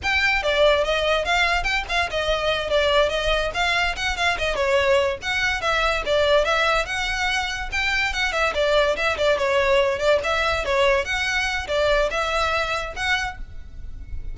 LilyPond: \new Staff \with { instrumentName = "violin" } { \time 4/4 \tempo 4 = 144 g''4 d''4 dis''4 f''4 | g''8 f''8 dis''4. d''4 dis''8~ | dis''8 f''4 fis''8 f''8 dis''8 cis''4~ | cis''8 fis''4 e''4 d''4 e''8~ |
e''8 fis''2 g''4 fis''8 | e''8 d''4 e''8 d''8 cis''4. | d''8 e''4 cis''4 fis''4. | d''4 e''2 fis''4 | }